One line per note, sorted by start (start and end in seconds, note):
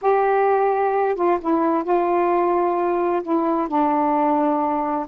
0.01 1.15 G4
1.15 1.38 F4
1.41 1.83 E4
1.83 3.22 F4
3.22 3.68 E4
3.68 5.06 D4